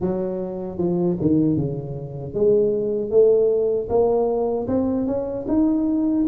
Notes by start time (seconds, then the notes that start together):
0.00 F#3
0.78 F3
1.20 D#3
1.56 C#3
2.34 G#3
3.10 A3
3.89 A#3
4.68 C4
5.06 C#4
5.48 D#4